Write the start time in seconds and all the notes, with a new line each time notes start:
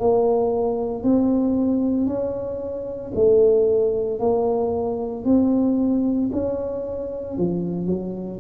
0.00 A#3
1.03 C4
2.07 C#4
3.15 A3
4.20 A#3
5.25 C4
6.33 C#4
7.38 F3
7.87 F#3